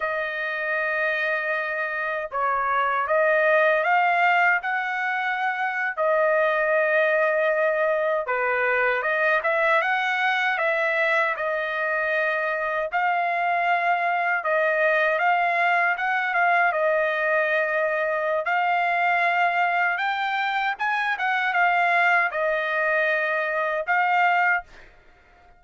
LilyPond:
\new Staff \with { instrumentName = "trumpet" } { \time 4/4 \tempo 4 = 78 dis''2. cis''4 | dis''4 f''4 fis''4.~ fis''16 dis''16~ | dis''2~ dis''8. b'4 dis''16~ | dis''16 e''8 fis''4 e''4 dis''4~ dis''16~ |
dis''8. f''2 dis''4 f''16~ | f''8. fis''8 f''8 dis''2~ dis''16 | f''2 g''4 gis''8 fis''8 | f''4 dis''2 f''4 | }